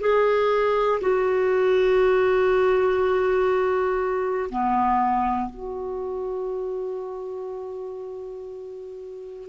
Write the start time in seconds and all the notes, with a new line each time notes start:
0.00 G#4
1.00 F#4
4.50 B3
5.50 F#4